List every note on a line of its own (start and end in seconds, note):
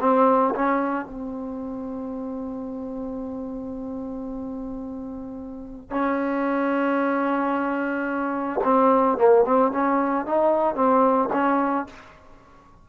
0.00 0.54 C4
0.55 1.05 C#4
1.05 5.90 C4
5.90 8.60 C#4
8.64 9.17 C4
9.17 9.44 A#3
9.45 9.71 C4
9.71 10.26 C#4
10.26 10.75 D#4
10.75 11.29 C4
11.32 11.86 C#4